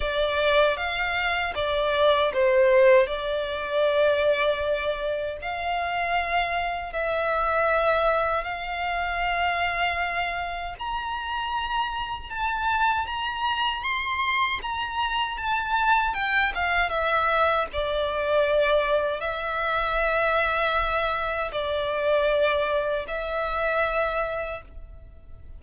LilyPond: \new Staff \with { instrumentName = "violin" } { \time 4/4 \tempo 4 = 78 d''4 f''4 d''4 c''4 | d''2. f''4~ | f''4 e''2 f''4~ | f''2 ais''2 |
a''4 ais''4 c'''4 ais''4 | a''4 g''8 f''8 e''4 d''4~ | d''4 e''2. | d''2 e''2 | }